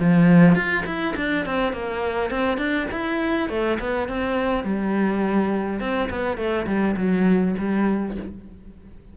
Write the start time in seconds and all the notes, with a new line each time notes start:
0.00 F3
0.56 F4
0.86 E4
1.17 D4
1.46 C4
1.73 A#3
2.31 C4
2.58 D4
2.92 E4
3.50 A3
3.80 B3
4.09 C4
4.64 G3
5.80 C4
6.10 B3
6.38 A3
6.67 G3
6.97 F#3
7.59 G3